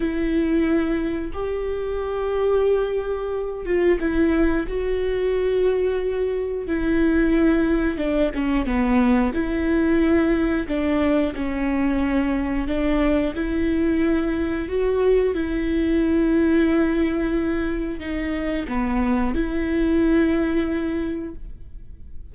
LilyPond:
\new Staff \with { instrumentName = "viola" } { \time 4/4 \tempo 4 = 90 e'2 g'2~ | g'4. f'8 e'4 fis'4~ | fis'2 e'2 | d'8 cis'8 b4 e'2 |
d'4 cis'2 d'4 | e'2 fis'4 e'4~ | e'2. dis'4 | b4 e'2. | }